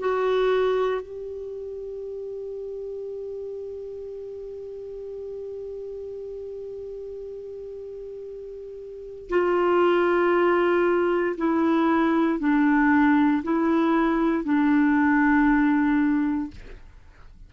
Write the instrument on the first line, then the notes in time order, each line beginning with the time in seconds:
clarinet
0.00 F#4
1.02 G4
9.30 F4
11.37 E4
12.39 D4
13.43 E4
14.45 D4